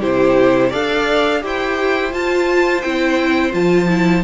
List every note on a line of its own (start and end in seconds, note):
0.00 0.72 C3
0.00 0.72 E4
0.00 0.70 G4
0.00 0.73 C5
0.70 1.44 D4
0.70 1.41 A4
0.70 1.40 D5
0.70 1.43 F5
1.41 2.13 E4
1.41 2.11 G4
1.41 4.25 C5
1.41 2.13 G5
2.11 2.81 F4
2.11 2.84 F4
2.11 2.82 A5
2.82 3.54 C4
2.82 3.52 E4
2.82 3.52 G5
3.52 4.25 F3
3.52 3.88 F4
3.52 4.25 A5
3.88 4.24 E4